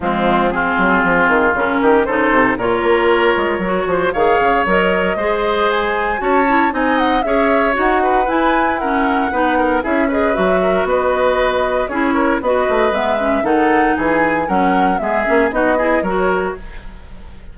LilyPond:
<<
  \new Staff \with { instrumentName = "flute" } { \time 4/4 \tempo 4 = 116 f'4 gis'2 ais'4 | c''4 cis''2. | f''4 dis''2 gis''4 | a''4 gis''8 fis''8 e''4 fis''4 |
gis''4 fis''2 e''8 dis''8 | e''4 dis''2 cis''4 | dis''4 e''4 fis''4 gis''4 | fis''4 e''4 dis''4 cis''4 | }
  \new Staff \with { instrumentName = "oboe" } { \time 4/4 c'4 f'2~ f'8 g'8 | a'4 ais'2~ ais'8 c''8 | cis''2 c''2 | cis''4 dis''4 cis''4. b'8~ |
b'4 ais'4 b'8 ais'8 gis'8 b'8~ | b'8 ais'8 b'2 gis'8 ais'8 | b'2 a'4 gis'4 | ais'4 gis'4 fis'8 gis'8 ais'4 | }
  \new Staff \with { instrumentName = "clarinet" } { \time 4/4 gis4 c'2 cis'4 | dis'4 f'2 fis'4 | gis'4 ais'4 gis'2 | fis'8 e'8 dis'4 gis'4 fis'4 |
e'4 cis'4 dis'4 e'8 gis'8 | fis'2. e'4 | fis'4 b8 cis'8 dis'2 | cis'4 b8 cis'8 dis'8 e'8 fis'4 | }
  \new Staff \with { instrumentName = "bassoon" } { \time 4/4 f4. fis8 f8 dis8 cis8 dis8 | cis8 c8 ais,8 ais4 gis8 fis8 f8 | dis8 cis8 fis4 gis2 | cis'4 c'4 cis'4 dis'4 |
e'2 b4 cis'4 | fis4 b2 cis'4 | b8 a8 gis4 dis4 e4 | fis4 gis8 ais8 b4 fis4 | }
>>